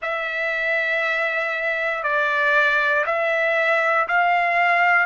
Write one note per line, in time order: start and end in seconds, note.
0.01 2.03 E5
2.03 3.05 D5
3.06 4.07 E5
4.07 5.06 F5